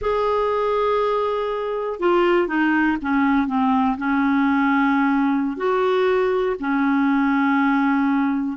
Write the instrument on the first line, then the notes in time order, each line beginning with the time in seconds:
clarinet
0.01 G#4
1.99 F4
2.47 D#4
3.01 C#4
3.47 C4
3.97 C#4
5.56 F#4
6.59 C#4